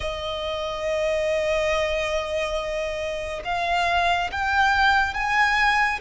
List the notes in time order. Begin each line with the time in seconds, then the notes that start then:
0.00 D#5
3.44 F5
4.31 G5
5.14 G#5